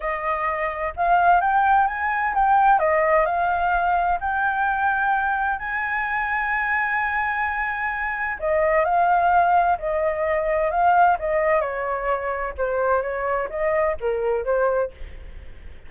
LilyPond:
\new Staff \with { instrumentName = "flute" } { \time 4/4 \tempo 4 = 129 dis''2 f''4 g''4 | gis''4 g''4 dis''4 f''4~ | f''4 g''2. | gis''1~ |
gis''2 dis''4 f''4~ | f''4 dis''2 f''4 | dis''4 cis''2 c''4 | cis''4 dis''4 ais'4 c''4 | }